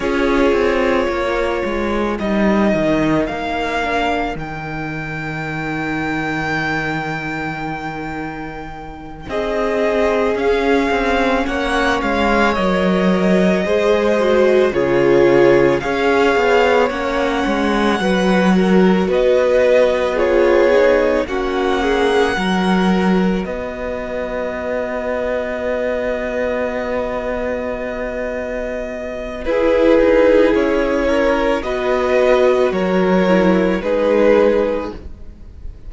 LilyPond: <<
  \new Staff \with { instrumentName = "violin" } { \time 4/4 \tempo 4 = 55 cis''2 dis''4 f''4 | g''1~ | g''8 dis''4 f''4 fis''8 f''8 dis''8~ | dis''4. cis''4 f''4 fis''8~ |
fis''4. dis''4 cis''4 fis''8~ | fis''4. dis''2~ dis''8~ | dis''2. b'4 | cis''4 dis''4 cis''4 b'4 | }
  \new Staff \with { instrumentName = "violin" } { \time 4/4 gis'4 ais'2.~ | ais'1~ | ais'8 gis'2 cis''4.~ | cis''8 c''4 gis'4 cis''4.~ |
cis''8 b'8 ais'8 b'4 gis'4 fis'8 | gis'8 ais'4 b'2~ b'8~ | b'2. gis'4~ | gis'8 ais'8 b'4 ais'4 gis'4 | }
  \new Staff \with { instrumentName = "viola" } { \time 4/4 f'2 dis'4. d'8 | dis'1~ | dis'4. cis'2 ais'8~ | ais'8 gis'8 fis'8 f'4 gis'4 cis'8~ |
cis'8 fis'2 f'8 dis'8 cis'8~ | cis'8 fis'2.~ fis'8~ | fis'2. e'4~ | e'4 fis'4. e'8 dis'4 | }
  \new Staff \with { instrumentName = "cello" } { \time 4/4 cis'8 c'8 ais8 gis8 g8 dis8 ais4 | dis1~ | dis8 c'4 cis'8 c'8 ais8 gis8 fis8~ | fis8 gis4 cis4 cis'8 b8 ais8 |
gis8 fis4 b2 ais8~ | ais8 fis4 b2~ b8~ | b2. e'8 dis'8 | cis'4 b4 fis4 gis4 | }
>>